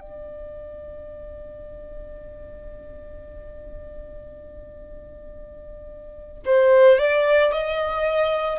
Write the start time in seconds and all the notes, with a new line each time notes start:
0.00 D5
6.45 C5
6.98 D5
7.52 D#5